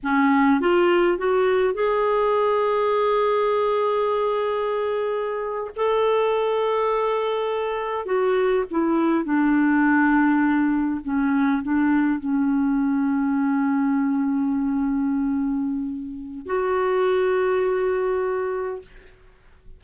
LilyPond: \new Staff \with { instrumentName = "clarinet" } { \time 4/4 \tempo 4 = 102 cis'4 f'4 fis'4 gis'4~ | gis'1~ | gis'4.~ gis'16 a'2~ a'16~ | a'4.~ a'16 fis'4 e'4 d'16~ |
d'2~ d'8. cis'4 d'16~ | d'8. cis'2.~ cis'16~ | cis'1 | fis'1 | }